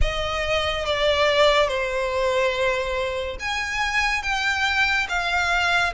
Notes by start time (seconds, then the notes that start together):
0.01 D#5
0.85 D5
1.68 C5
3.39 G#5
4.23 G5
5.09 F5